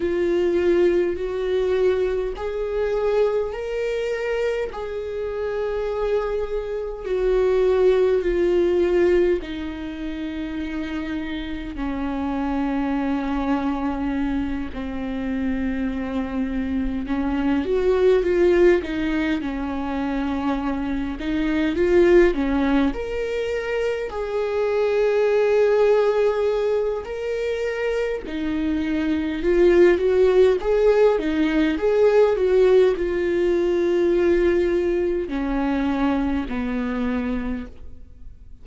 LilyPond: \new Staff \with { instrumentName = "viola" } { \time 4/4 \tempo 4 = 51 f'4 fis'4 gis'4 ais'4 | gis'2 fis'4 f'4 | dis'2 cis'2~ | cis'8 c'2 cis'8 fis'8 f'8 |
dis'8 cis'4. dis'8 f'8 cis'8 ais'8~ | ais'8 gis'2~ gis'8 ais'4 | dis'4 f'8 fis'8 gis'8 dis'8 gis'8 fis'8 | f'2 cis'4 b4 | }